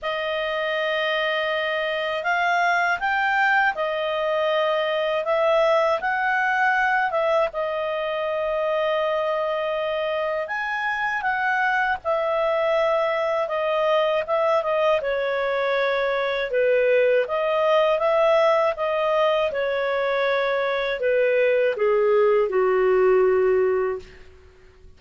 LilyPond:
\new Staff \with { instrumentName = "clarinet" } { \time 4/4 \tempo 4 = 80 dis''2. f''4 | g''4 dis''2 e''4 | fis''4. e''8 dis''2~ | dis''2 gis''4 fis''4 |
e''2 dis''4 e''8 dis''8 | cis''2 b'4 dis''4 | e''4 dis''4 cis''2 | b'4 gis'4 fis'2 | }